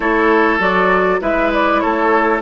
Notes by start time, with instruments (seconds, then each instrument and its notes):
0.00 bassoon A3, clarinet E4, oboe A4, flute C#5
0.59 bassoon F#3, clarinet F#4, flute D5
1.20 bassoon G#3, clarinet E4, oboe B4, flute E5
1.53 flute D5
1.79 bassoon A3, oboe A4, flute C#5